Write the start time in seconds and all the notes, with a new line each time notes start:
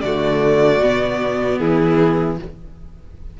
0.00 D3 A3 F#4 D5
0.80 B2 B3
1.58 E3 E4 G#4